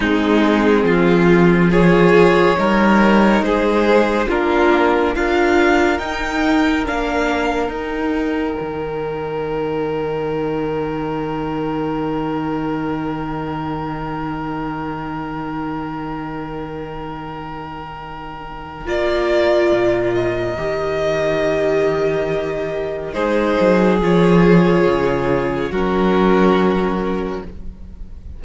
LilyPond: <<
  \new Staff \with { instrumentName = "violin" } { \time 4/4 \tempo 4 = 70 gis'2 cis''2 | c''4 ais'4 f''4 g''4 | f''4 g''2.~ | g''1~ |
g''1~ | g''2 d''4. dis''8~ | dis''2. c''4 | cis''2 ais'2 | }
  \new Staff \with { instrumentName = "violin" } { \time 4/4 dis'4 f'4 gis'4 ais'4 | gis'4 f'4 ais'2~ | ais'1~ | ais'1~ |
ais'1~ | ais'1~ | ais'2. gis'4~ | gis'2 fis'2 | }
  \new Staff \with { instrumentName = "viola" } { \time 4/4 c'2 f'4 dis'4~ | dis'4 d'4 f'4 dis'4 | d'4 dis'2.~ | dis'1~ |
dis'1~ | dis'2 f'2 | g'2. dis'4 | f'2 cis'2 | }
  \new Staff \with { instrumentName = "cello" } { \time 4/4 gis4 f2 g4 | gis4 ais4 d'4 dis'4 | ais4 dis'4 dis2~ | dis1~ |
dis1~ | dis2 ais4 ais,4 | dis2. gis8 fis8 | f4 cis4 fis2 | }
>>